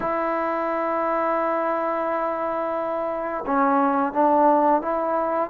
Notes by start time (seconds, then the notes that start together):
0.00 E4
3.46 C#4
4.12 D4
4.81 E4